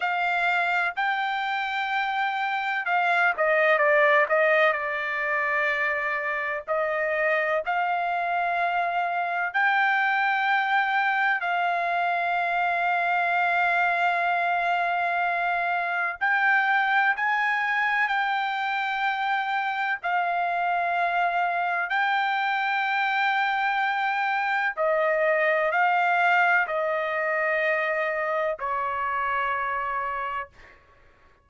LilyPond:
\new Staff \with { instrumentName = "trumpet" } { \time 4/4 \tempo 4 = 63 f''4 g''2 f''8 dis''8 | d''8 dis''8 d''2 dis''4 | f''2 g''2 | f''1~ |
f''4 g''4 gis''4 g''4~ | g''4 f''2 g''4~ | g''2 dis''4 f''4 | dis''2 cis''2 | }